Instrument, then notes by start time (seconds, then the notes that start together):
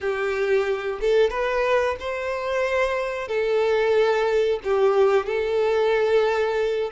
violin
0.00 G4
1.00 A4
1.29 B4
1.99 C5
3.28 A4
4.63 G4
5.26 A4